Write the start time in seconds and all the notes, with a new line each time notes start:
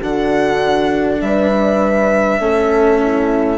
0.00 D3 D4 F#4 F#5
1.21 G3 B4 E5
2.39 A3 C#4 A4
3.02 E4